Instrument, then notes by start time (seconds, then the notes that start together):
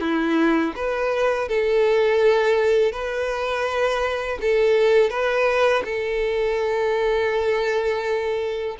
violin
0.00 E4
0.75 B4
1.48 A4
2.92 B4
4.41 A4
5.10 B4
5.84 A4